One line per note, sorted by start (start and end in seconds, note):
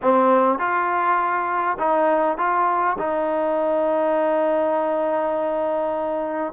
0.01 0.58 C4
0.58 1.77 F4
1.78 2.37 D#4
2.37 2.96 F4
2.98 6.53 D#4